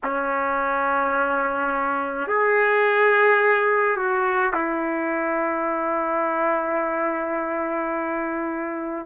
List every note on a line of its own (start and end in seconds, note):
0.04 2.27 C#4
2.27 3.96 G#4
3.96 4.53 F#4
4.53 9.06 E4